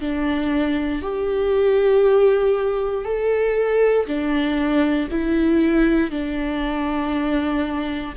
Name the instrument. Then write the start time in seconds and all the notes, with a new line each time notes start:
viola
0.00 D4
1.02 G4
3.04 A4
4.06 D4
5.10 E4
6.10 D4